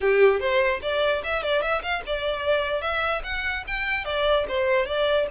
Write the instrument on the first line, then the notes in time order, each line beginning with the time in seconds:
violin
0.01 G4
0.40 C5
0.81 D5
1.23 E5
1.42 D5
1.61 E5
1.82 F5
2.06 D5
2.81 E5
3.23 F#5
3.67 G5
4.04 D5
4.48 C5
4.86 D5